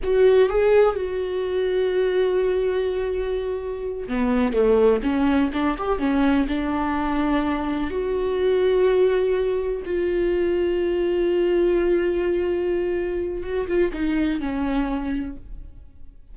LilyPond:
\new Staff \with { instrumentName = "viola" } { \time 4/4 \tempo 4 = 125 fis'4 gis'4 fis'2~ | fis'1~ | fis'8 b4 a4 cis'4 d'8 | g'8 cis'4 d'2~ d'8~ |
d'8 fis'2.~ fis'8~ | fis'8 f'2.~ f'8~ | f'1 | fis'8 f'8 dis'4 cis'2 | }